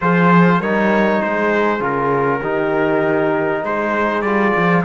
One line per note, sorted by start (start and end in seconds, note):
0.00 0.59 F3
0.00 0.61 F4
0.00 0.60 G#4
0.00 0.61 C5
0.59 1.20 G3
0.59 1.79 D#4
0.59 1.20 A#4
0.59 1.22 C#5
1.22 1.80 G#3
1.22 2.40 G#4
1.22 1.82 C5
1.79 2.40 C#3
1.79 2.40 F4
1.79 3.65 A#4
2.40 3.63 D#3
2.40 4.25 D#4
2.40 3.61 G4
3.63 4.22 G#3
3.63 4.84 G#4
3.63 4.21 C5
4.21 4.52 G3
4.21 4.84 F4
4.21 4.82 D5
4.56 4.84 F3